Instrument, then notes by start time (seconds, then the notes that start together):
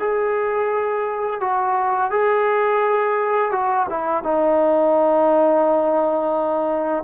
trombone
0.00 G#4
1.41 F#4
2.11 G#4
3.52 F#4
3.90 E4
4.24 D#4